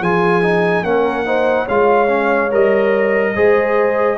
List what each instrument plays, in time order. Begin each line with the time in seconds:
0.00 tuba F3, trombone F4, horn G#4, trumpet G#5
0.43 trombone D#4
0.83 tuba A#3, trombone C#4, horn A#4, trumpet F#5
1.25 trombone D#4, horn C5
1.65 tuba G#3, trombone F4, horn C#5, trumpet F5
2.07 trombone C#4
2.51 tuba G3, trombone A#4, trumpet D#5
3.35 tuba G#3, trombone G#4, horn C5